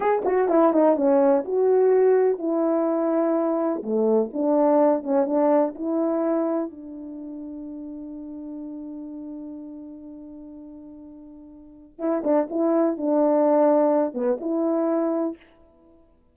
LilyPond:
\new Staff \with { instrumentName = "horn" } { \time 4/4 \tempo 4 = 125 gis'8 fis'8 e'8 dis'8 cis'4 fis'4~ | fis'4 e'2. | a4 d'4. cis'8 d'4 | e'2 d'2~ |
d'1~ | d'1~ | d'4 e'8 d'8 e'4 d'4~ | d'4. b8 e'2 | }